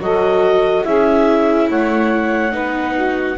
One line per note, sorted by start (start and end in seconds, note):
0.00 0.85 F#3
0.00 0.85 F#4
0.00 0.86 A4
0.00 0.85 D#5
0.85 1.70 C#4
0.85 2.52 E4
0.85 1.69 G#4
0.85 1.69 E5
1.69 2.54 A3
1.69 2.53 C#5
1.69 3.38 F#5
2.52 3.38 B3
2.52 3.36 D#4
2.52 2.95 B4
2.95 3.37 F#4